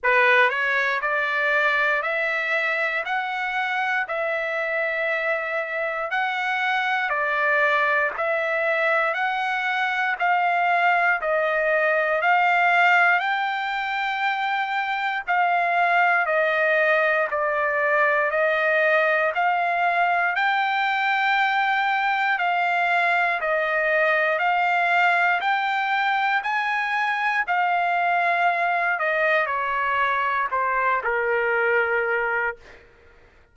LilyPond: \new Staff \with { instrumentName = "trumpet" } { \time 4/4 \tempo 4 = 59 b'8 cis''8 d''4 e''4 fis''4 | e''2 fis''4 d''4 | e''4 fis''4 f''4 dis''4 | f''4 g''2 f''4 |
dis''4 d''4 dis''4 f''4 | g''2 f''4 dis''4 | f''4 g''4 gis''4 f''4~ | f''8 dis''8 cis''4 c''8 ais'4. | }